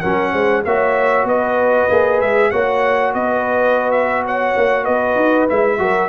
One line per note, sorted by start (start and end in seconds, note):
0.00 0.33 F#3
0.00 0.64 C#4
0.00 0.32 A#4
0.00 0.62 F#5
0.32 0.64 G#3
0.32 0.64 C5
0.65 1.24 A#3
0.65 1.90 F#4
0.65 1.27 C#5
0.65 1.27 E5
1.24 1.87 B3
1.24 2.51 B4
1.24 2.21 D#5
1.90 2.21 A#3
1.90 2.52 G#4
2.21 2.52 G#3
2.21 2.51 E5
2.51 3.14 A#3
2.51 5.49 F#4
2.51 3.14 C#5
2.51 3.13 F#5
3.14 4.54 B3
3.14 4.25 B4
3.14 3.91 D#5
3.91 4.23 E5
4.25 4.83 C#5
4.25 4.85 F#5
4.56 4.87 A#3
4.83 5.16 B3
4.83 5.77 B4
4.83 5.47 D#5
5.16 5.47 D#4
5.49 5.79 G#3
5.49 5.78 E4
5.49 6.09 E5
5.78 6.09 F#3
5.78 6.09 F#4
5.78 6.09 A#4